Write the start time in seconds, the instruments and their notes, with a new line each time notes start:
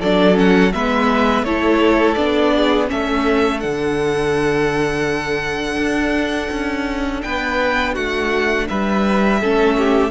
0.00 cello F#3, viola D4, violin A4 D5
0.35 viola C#4, violin F#5
0.73 cello G#3, viola B3, violin B4 E5
1.43 cello A3, viola E4, violin A4 C#5
2.15 cello B3, viola D4, violin D5
2.55 violin G#4
2.87 cello A3, viola C#4, violin A4 E5
3.60 cello D3, viola D4, violin F#5
5.77 cello D4
6.51 cello C#4
7.23 cello B3, violin B4 G5
7.94 cello A3, violin F#4 F#5
8.68 cello G3, violin B4 E5
9.41 cello A3, viola C#4, violin A4
9.78 violin G4